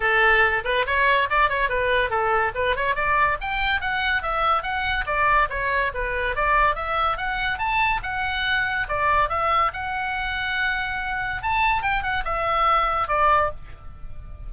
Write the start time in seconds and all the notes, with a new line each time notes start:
0.00 A4
0.64 B4
0.86 C#5
1.30 D5
1.49 C#5
1.69 B4
2.10 A4
2.55 B4
2.76 C#5
2.95 D5
3.41 G5
3.80 F#5
4.22 E5
4.62 F#5
5.06 D5
5.49 C#5
5.94 B4
6.35 D5
6.75 E5
7.17 F#5
7.58 A5
8.02 F#5
8.88 D5
9.29 E5
9.73 F#5
11.42 A5
11.82 G5
12.02 F#5
12.24 E5
13.08 D5